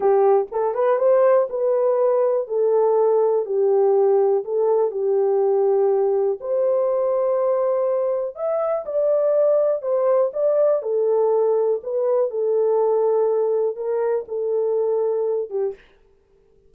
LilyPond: \new Staff \with { instrumentName = "horn" } { \time 4/4 \tempo 4 = 122 g'4 a'8 b'8 c''4 b'4~ | b'4 a'2 g'4~ | g'4 a'4 g'2~ | g'4 c''2.~ |
c''4 e''4 d''2 | c''4 d''4 a'2 | b'4 a'2. | ais'4 a'2~ a'8 g'8 | }